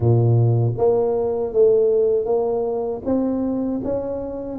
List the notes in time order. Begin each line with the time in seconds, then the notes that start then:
0.00 A#2
0.77 A#3
1.53 A3
2.25 A#3
3.05 C4
3.84 C#4